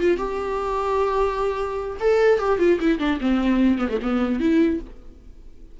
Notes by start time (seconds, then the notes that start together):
0.00 F4
0.18 G4
2.00 A4
2.39 G4
2.59 F4
2.80 E4
2.99 D4
3.21 C4
3.79 B3
3.89 A3
4.02 B3
4.40 E4